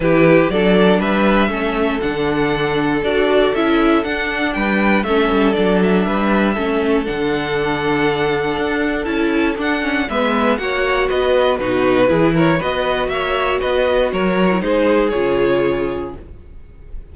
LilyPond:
<<
  \new Staff \with { instrumentName = "violin" } { \time 4/4 \tempo 4 = 119 b'4 d''4 e''2 | fis''2 d''4 e''4 | fis''4 g''4 e''4 d''8 e''8~ | e''2 fis''2~ |
fis''2 a''4 fis''4 | e''4 fis''4 dis''4 b'4~ | b'8 cis''8 dis''4 e''4 dis''4 | cis''4 c''4 cis''2 | }
  \new Staff \with { instrumentName = "violin" } { \time 4/4 g'4 a'4 b'4 a'4~ | a'1~ | a'4 b'4 a'2 | b'4 a'2.~ |
a'1 | b'4 cis''4 b'4 fis'4 | gis'8 ais'8 b'4 cis''4 b'4 | ais'4 gis'2. | }
  \new Staff \with { instrumentName = "viola" } { \time 4/4 e'4 d'2 cis'4 | d'2 fis'4 e'4 | d'2 cis'4 d'4~ | d'4 cis'4 d'2~ |
d'2 e'4 d'8 cis'8 | b4 fis'2 dis'4 | e'4 fis'2.~ | fis'8. e'16 dis'4 f'2 | }
  \new Staff \with { instrumentName = "cello" } { \time 4/4 e4 fis4 g4 a4 | d2 d'4 cis'4 | d'4 g4 a8 g8 fis4 | g4 a4 d2~ |
d4 d'4 cis'4 d'4 | gis4 ais4 b4 b,4 | e4 b4 ais4 b4 | fis4 gis4 cis2 | }
>>